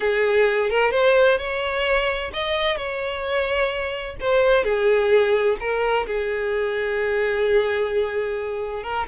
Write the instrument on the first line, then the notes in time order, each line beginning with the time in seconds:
violin
0.00 G#4
0.70 A#4
0.91 C5
1.38 C#5
2.33 D#5
2.76 C#5
4.20 C5
4.64 G#4
5.59 A#4
6.07 G#4
8.83 A#4